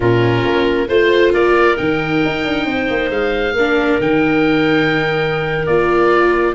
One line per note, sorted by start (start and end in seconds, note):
0.00 0.43 A#2
0.00 0.88 C#4
0.00 0.88 F4
0.00 0.88 A#4
0.44 0.88 A#3
0.88 1.33 A3
0.88 1.76 F4
0.88 1.32 C5
1.33 1.78 A#3
1.33 2.66 A#4
1.33 1.76 D5
1.76 2.23 D#3
1.76 3.54 D#4
1.76 3.10 G5
2.25 2.44 D#4
2.44 2.65 D4
2.65 2.87 C4
2.65 3.55 C5
2.89 3.10 A#3
3.10 3.53 G#3
3.10 4.00 F5
3.53 3.97 A#3
3.53 4.01 D4
3.53 6.54 A#4
4.00 5.67 D#3
4.00 5.67 D#4
4.00 5.66 G5
5.66 6.54 A#3
5.66 6.54 F4
5.66 6.54 D5